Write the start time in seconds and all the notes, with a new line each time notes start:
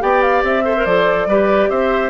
0.00 B3 G4 D5 G5
0.22 F5
0.44 C4 E5
0.65 A4 C5
0.77 A#4
0.86 F3 A4 D5
1.27 G3 G4 B4
1.70 C4 C5 E5